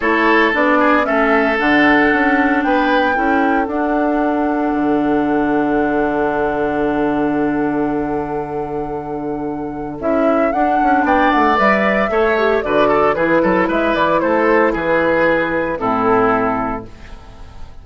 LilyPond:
<<
  \new Staff \with { instrumentName = "flute" } { \time 4/4 \tempo 4 = 114 cis''4 d''4 e''4 fis''4~ | fis''4 g''2 fis''4~ | fis''1~ | fis''1~ |
fis''2. e''4 | fis''4 g''8 fis''8 e''2 | d''4 b'4 e''8 d''8 c''4 | b'2 a'2 | }
  \new Staff \with { instrumentName = "oboe" } { \time 4/4 a'4. gis'8 a'2~ | a'4 b'4 a'2~ | a'1~ | a'1~ |
a'1~ | a'4 d''2 cis''4 | b'8 a'8 gis'8 a'8 b'4 a'4 | gis'2 e'2 | }
  \new Staff \with { instrumentName = "clarinet" } { \time 4/4 e'4 d'4 cis'4 d'4~ | d'2 e'4 d'4~ | d'1~ | d'1~ |
d'2. e'4 | d'2 b'4 a'8 g'8 | fis'4 e'2.~ | e'2 c'2 | }
  \new Staff \with { instrumentName = "bassoon" } { \time 4/4 a4 b4 a4 d4 | cis'4 b4 cis'4 d'4~ | d'4 d2.~ | d1~ |
d2. cis'4 | d'8 cis'8 b8 a8 g4 a4 | d4 e8 fis8 gis8 e8 a4 | e2 a,2 | }
>>